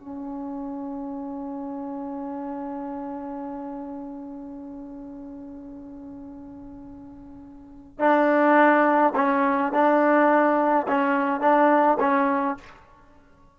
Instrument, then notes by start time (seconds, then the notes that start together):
trombone
0.00 C#4
7.99 D4
9.16 C#4
9.73 D4
10.88 C#4
11.41 D4
12.00 C#4